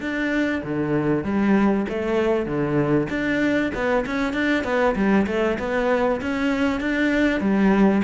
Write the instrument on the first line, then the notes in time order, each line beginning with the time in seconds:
cello
0.00 D4
0.63 D3
1.24 G3
1.89 A3
2.46 D3
3.09 D4
3.74 B3
4.06 C#4
4.33 D4
4.64 B3
4.95 G3
5.27 A3
5.59 B3
6.21 C#4
6.80 D4
7.40 G3